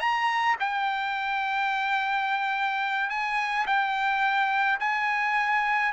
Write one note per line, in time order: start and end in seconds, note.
0.00 0.56 A#5
0.60 3.10 G5
3.10 3.66 G#5
3.67 4.79 G5
4.80 5.92 G#5